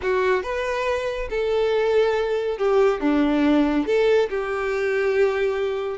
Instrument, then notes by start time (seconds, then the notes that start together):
violin
0.02 F#4
0.42 B4
1.30 A4
2.57 G4
3.00 D4
3.86 A4
4.29 G4